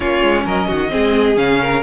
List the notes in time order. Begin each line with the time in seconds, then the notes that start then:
0.00 A#3 C#4 F4 C#5
0.22 G#3
0.45 F#3 A#4 D#5
0.67 D#3 F#4
0.89 C4 G#4
0.96 G#3
1.36 C#3 C#4 F5
1.60 A#4